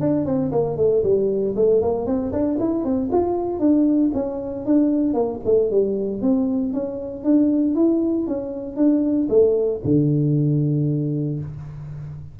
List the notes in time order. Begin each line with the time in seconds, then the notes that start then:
0.00 D4
0.26 C4
0.52 A#3
0.77 A3
1.03 G3
1.56 A3
1.82 A#3
2.06 C4
2.33 D4
2.59 E4
2.84 C4
3.12 F4
3.60 D4
4.14 C#4
4.66 D4
5.14 A#3
5.45 A3
5.71 G3
6.22 C4
6.73 C#4
7.24 D4
7.76 E4
8.27 C#4
8.76 D4
9.29 A3
9.84 D3